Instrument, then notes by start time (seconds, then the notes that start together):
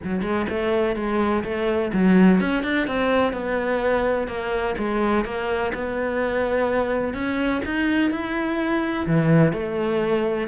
cello
0.03 F#3
0.22 G#3
0.49 A3
0.96 G#3
1.44 A3
1.93 F#3
2.40 C#4
2.63 D4
2.87 C4
3.32 B3
4.27 A#3
4.78 G#3
5.24 A#3
5.74 B3
7.14 C#4
7.65 D#4
8.10 E4
9.06 E3
9.53 A3